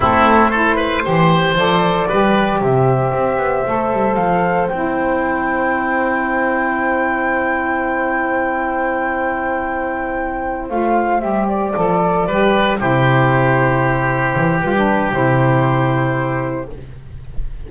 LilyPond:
<<
  \new Staff \with { instrumentName = "flute" } { \time 4/4 \tempo 4 = 115 a'4 c''2 d''4~ | d''4 e''2. | f''4 g''2.~ | g''1~ |
g''1~ | g''8 f''4 e''8 d''2~ | d''8 c''2.~ c''8 | b'4 c''2. | }
  \new Staff \with { instrumentName = "oboe" } { \time 4/4 e'4 a'8 b'8 c''2 | b'4 c''2.~ | c''1~ | c''1~ |
c''1~ | c''2.~ c''8 b'8~ | b'8 g'2.~ g'8~ | g'1 | }
  \new Staff \with { instrumentName = "saxophone" } { \time 4/4 c'4 e'4 g'4 a'4 | g'2. a'4~ | a'4 e'2.~ | e'1~ |
e'1~ | e'8 f'4 g'4 a'4 g'8~ | g'8 e'2.~ e'8 | f'16 d'8. e'2. | }
  \new Staff \with { instrumentName = "double bass" } { \time 4/4 a2 e4 f4 | g4 c4 c'8 b8 a8 g8 | f4 c'2.~ | c'1~ |
c'1~ | c'8 a4 g4 f4 g8~ | g8 c2. e8 | g4 c2. | }
>>